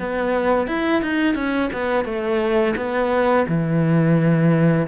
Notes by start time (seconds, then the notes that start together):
0.00 B3
0.68 E4
1.03 D#4
1.35 C#4
1.73 B3
2.05 A3
2.77 B3
3.48 E3